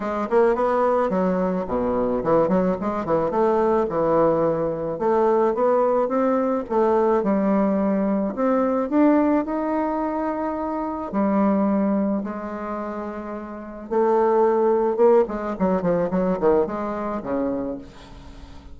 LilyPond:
\new Staff \with { instrumentName = "bassoon" } { \time 4/4 \tempo 4 = 108 gis8 ais8 b4 fis4 b,4 | e8 fis8 gis8 e8 a4 e4~ | e4 a4 b4 c'4 | a4 g2 c'4 |
d'4 dis'2. | g2 gis2~ | gis4 a2 ais8 gis8 | fis8 f8 fis8 dis8 gis4 cis4 | }